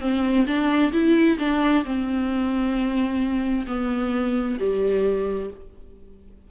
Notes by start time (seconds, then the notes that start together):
0.00 C4
0.46 D4
0.92 E4
1.38 D4
1.84 C4
3.67 B3
4.59 G3